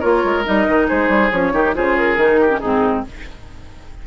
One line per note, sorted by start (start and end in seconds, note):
0.00 0.24 A#3
0.00 0.45 F4
0.00 0.86 A#4
0.00 0.44 C#5
0.24 0.46 G#3
0.45 0.67 G3
0.45 1.31 D#4
0.45 0.88 D#5
0.67 0.89 D#3
0.88 1.09 G#3
0.88 1.53 G#4
0.88 1.32 C5
1.09 1.31 G3
1.32 1.53 F3
1.32 1.53 C#4
1.32 1.75 C#5
1.53 1.74 D#3
1.53 1.75 D#4
1.53 1.75 G4
1.75 2.17 C#3
1.75 2.18 F4
1.75 2.41 G#4
1.75 1.97 C5
1.97 2.60 A#4
2.17 2.60 D#3
2.17 2.49 D#4
2.41 2.60 G4
2.49 2.60 C#4
2.60 3.07 G#2
2.60 3.07 C4
2.60 3.03 D#4
2.60 3.03 G#4